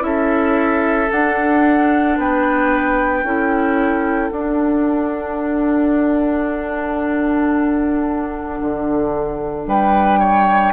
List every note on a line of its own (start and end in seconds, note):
0.00 1.09 C#4
0.00 1.07 E4
0.00 2.19 A4
0.00 1.11 E5
1.11 2.18 D4
1.11 3.25 D4
1.11 2.19 F#5
2.18 3.24 B3
2.18 3.26 B4
2.18 4.31 G5
3.24 4.31 C#4
3.24 4.32 E4
3.24 9.69 A4
4.31 8.60 D4
4.31 10.74 D4
4.31 9.67 F#5
8.61 9.67 D3
9.67 10.74 G3
9.67 10.20 B4
9.67 10.74 G5
10.20 10.73 C#5